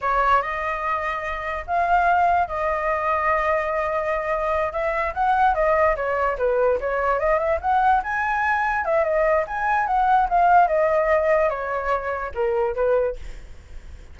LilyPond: \new Staff \with { instrumentName = "flute" } { \time 4/4 \tempo 4 = 146 cis''4 dis''2. | f''2 dis''2~ | dis''2.~ dis''8 e''8~ | e''8 fis''4 dis''4 cis''4 b'8~ |
b'8 cis''4 dis''8 e''8 fis''4 gis''8~ | gis''4. e''8 dis''4 gis''4 | fis''4 f''4 dis''2 | cis''2 ais'4 b'4 | }